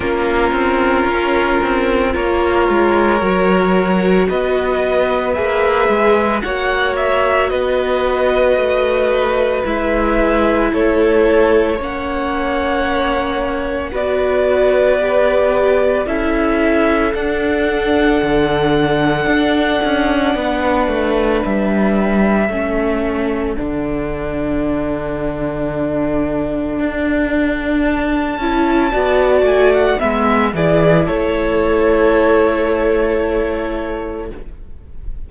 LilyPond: <<
  \new Staff \with { instrumentName = "violin" } { \time 4/4 \tempo 4 = 56 ais'2 cis''2 | dis''4 e''4 fis''8 e''8 dis''4~ | dis''4 e''4 cis''4 fis''4~ | fis''4 d''2 e''4 |
fis''1 | e''2 fis''2~ | fis''2 a''4. gis''16 fis''16 | e''8 d''8 cis''2. | }
  \new Staff \with { instrumentName = "violin" } { \time 4/4 f'2 ais'2 | b'2 cis''4 b'4~ | b'2 a'4 cis''4~ | cis''4 b'2 a'4~ |
a'2. b'4~ | b'4 a'2.~ | a'2. d''4 | e''8 gis'8 a'2. | }
  \new Staff \with { instrumentName = "viola" } { \time 4/4 cis'2 f'4 fis'4~ | fis'4 gis'4 fis'2~ | fis'4 e'2 cis'4~ | cis'4 fis'4 g'4 e'4 |
d'1~ | d'4 cis'4 d'2~ | d'2~ d'8 e'8 fis'4 | b8 e'2.~ e'8 | }
  \new Staff \with { instrumentName = "cello" } { \time 4/4 ais8 c'8 cis'8 c'8 ais8 gis8 fis4 | b4 ais8 gis8 ais4 b4 | a4 gis4 a4 ais4~ | ais4 b2 cis'4 |
d'4 d4 d'8 cis'8 b8 a8 | g4 a4 d2~ | d4 d'4. cis'8 b8 a8 | gis8 e8 a2. | }
>>